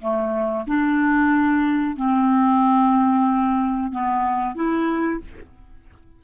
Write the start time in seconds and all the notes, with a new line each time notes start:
0.00 A3
0.67 D4
1.97 C4
3.92 B3
4.55 E4